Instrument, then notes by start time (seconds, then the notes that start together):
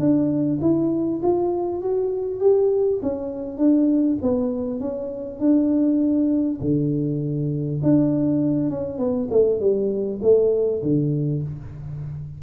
tuba
0.00 D4
0.61 E4
1.22 F4
1.82 F#4
2.41 G4
3.02 C#4
3.58 D4
4.22 B3
4.80 C#4
5.39 D4
6.61 D3
7.83 D4
8.70 C#4
8.99 B3
9.31 A3
9.60 G3
10.22 A3
10.82 D3